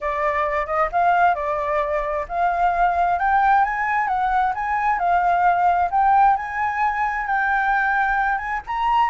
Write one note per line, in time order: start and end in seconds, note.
0.00 0.66 D5
0.66 0.89 D#5
0.92 1.35 F5
1.35 2.25 D5
2.28 3.18 F5
3.18 3.64 G5
3.64 4.07 G#5
4.07 4.53 F#5
4.54 4.98 G#5
4.98 5.89 F5
5.90 6.36 G5
6.36 7.26 G#5
7.26 8.38 G5
8.38 8.61 G#5
8.67 9.10 A#5